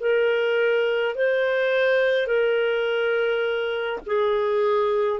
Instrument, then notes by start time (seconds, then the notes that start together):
clarinet
0.00 A#4
1.15 C5
2.27 A#4
4.06 G#4